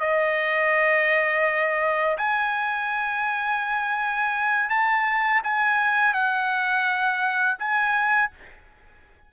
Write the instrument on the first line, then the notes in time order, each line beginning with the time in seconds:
trumpet
0.00 D#5
2.17 G#5
4.69 A5
5.43 G#5
6.13 F#5
7.58 G#5